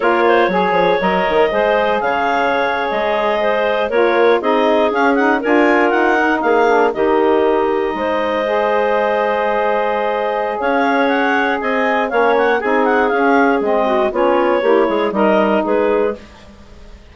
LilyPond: <<
  \new Staff \with { instrumentName = "clarinet" } { \time 4/4 \tempo 4 = 119 cis''2 dis''2 | f''4.~ f''16 dis''2 cis''16~ | cis''8. dis''4 f''8 fis''8 gis''4 fis''16~ | fis''8. f''4 dis''2~ dis''16~ |
dis''1~ | dis''4 f''4 fis''4 gis''4 | f''8 fis''8 gis''8 fis''8 f''4 dis''4 | cis''2 dis''4 b'4 | }
  \new Staff \with { instrumentName = "clarinet" } { \time 4/4 ais'8 c''8 cis''2 c''4 | cis''2~ cis''8. c''4 ais'16~ | ais'8. gis'2 ais'4~ ais'16~ | ais'8. gis'4 g'2 c''16~ |
c''1~ | c''4 cis''2 dis''4 | cis''4 gis'2~ gis'8 fis'8 | f'4 g'8 gis'8 ais'4 gis'4 | }
  \new Staff \with { instrumentName = "saxophone" } { \time 4/4 f'4 gis'4 ais'4 gis'4~ | gis'2.~ gis'8. f'16~ | f'8. dis'4 cis'8 dis'8 f'4~ f'16~ | f'16 dis'4 d'8 dis'2~ dis'16~ |
dis'8. gis'2.~ gis'16~ | gis'1 | cis'4 dis'4 cis'4 c'4 | cis'4 e'4 dis'2 | }
  \new Staff \with { instrumentName = "bassoon" } { \time 4/4 ais4 fis8 f8 fis8 dis8 gis4 | cis4.~ cis16 gis2 ais16~ | ais8. c'4 cis'4 d'4 dis'16~ | dis'8. ais4 dis2 gis16~ |
gis1~ | gis4 cis'2 c'4 | ais4 c'4 cis'4 gis4 | b4 ais8 gis8 g4 gis4 | }
>>